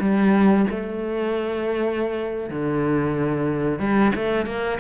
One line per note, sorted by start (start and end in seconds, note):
0.00 0.66 G3
0.70 2.50 A3
2.50 3.79 D3
3.79 4.12 G3
4.15 4.46 A3
4.46 4.79 A#3